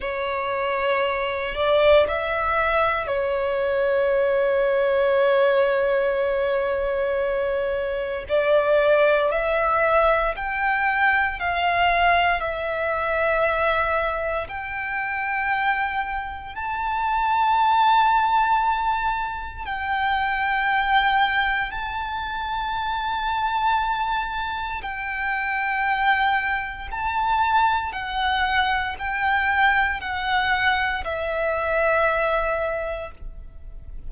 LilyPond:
\new Staff \with { instrumentName = "violin" } { \time 4/4 \tempo 4 = 58 cis''4. d''8 e''4 cis''4~ | cis''1 | d''4 e''4 g''4 f''4 | e''2 g''2 |
a''2. g''4~ | g''4 a''2. | g''2 a''4 fis''4 | g''4 fis''4 e''2 | }